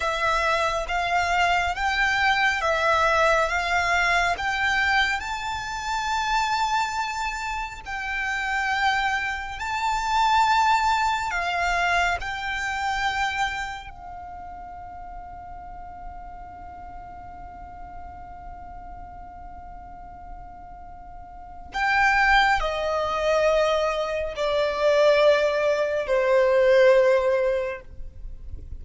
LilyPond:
\new Staff \with { instrumentName = "violin" } { \time 4/4 \tempo 4 = 69 e''4 f''4 g''4 e''4 | f''4 g''4 a''2~ | a''4 g''2 a''4~ | a''4 f''4 g''2 |
f''1~ | f''1~ | f''4 g''4 dis''2 | d''2 c''2 | }